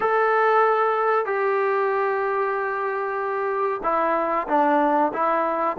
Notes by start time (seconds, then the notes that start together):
0.00 A4
1.25 G4
3.83 E4
4.48 D4
5.13 E4